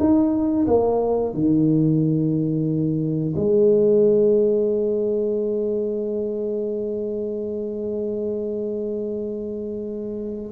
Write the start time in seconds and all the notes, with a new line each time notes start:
0.00 D#4
0.68 A#3
1.34 D#3
3.36 G#3